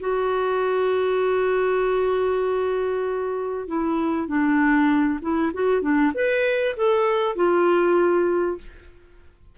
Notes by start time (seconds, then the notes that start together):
0.00 F#4
3.67 E4
4.27 D4
5.21 E4
5.54 F#4
5.81 D4
6.14 B4
6.76 A4
7.35 F4